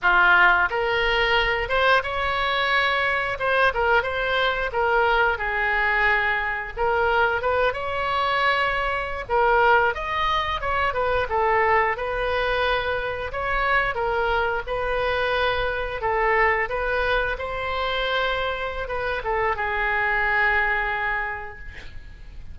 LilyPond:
\new Staff \with { instrumentName = "oboe" } { \time 4/4 \tempo 4 = 89 f'4 ais'4. c''8 cis''4~ | cis''4 c''8 ais'8 c''4 ais'4 | gis'2 ais'4 b'8 cis''8~ | cis''4.~ cis''16 ais'4 dis''4 cis''16~ |
cis''16 b'8 a'4 b'2 cis''16~ | cis''8. ais'4 b'2 a'16~ | a'8. b'4 c''2~ c''16 | b'8 a'8 gis'2. | }